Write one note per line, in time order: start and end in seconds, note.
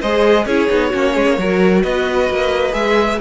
0.00 0.46 G#3
0.00 0.49 G#4
0.00 0.45 C5
0.00 0.46 D#5
0.46 0.69 C#4
0.46 0.69 E4
0.46 0.90 G#4
0.46 1.83 C#5
0.69 0.93 B3
0.69 0.92 D#4
0.90 1.16 A#3
0.90 1.38 C#4
0.90 1.13 F#4
1.14 1.27 G#3
1.14 1.37 G#4
1.27 1.38 A#3
1.38 1.84 F#3
1.38 2.72 F#4
1.38 1.83 A#4
1.83 2.30 B3
1.83 3.19 B4
1.83 2.74 D#5
2.30 2.74 A#3
2.72 3.19 G#3
2.72 3.18 G#4
2.72 3.19 E5